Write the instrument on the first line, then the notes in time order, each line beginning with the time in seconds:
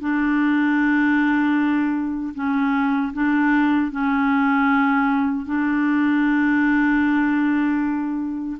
clarinet
0.00 D4
2.34 C#4
3.13 D4
3.91 C#4
5.46 D4